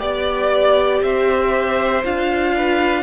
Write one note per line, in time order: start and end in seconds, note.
0.00 1.02 B3
0.00 2.03 G4
0.00 1.02 D5
0.00 1.03 D5
1.02 2.04 C4
1.02 2.56 C5
1.02 2.04 E5
2.04 3.03 D4
2.04 3.03 F4
2.04 3.03 F5
2.56 3.03 B4